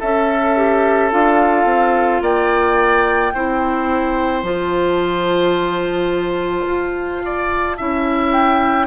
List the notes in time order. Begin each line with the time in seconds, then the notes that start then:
0.00 C#4 A4 E5
0.56 G4
1.11 D4 F4 F5
1.65 C4
2.22 A#3 D5 G5
3.34 C4 E4 C5
4.43 F3 F4 A5
6.67 F4
7.25 D5
7.77 C#4 E4 E5
8.31 G5